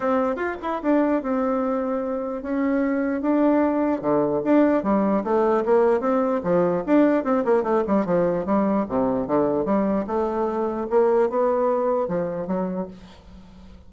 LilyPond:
\new Staff \with { instrumentName = "bassoon" } { \time 4/4 \tempo 4 = 149 c'4 f'8 e'8 d'4 c'4~ | c'2 cis'2 | d'2 d4 d'4 | g4 a4 ais4 c'4 |
f4 d'4 c'8 ais8 a8 g8 | f4 g4 c4 d4 | g4 a2 ais4 | b2 f4 fis4 | }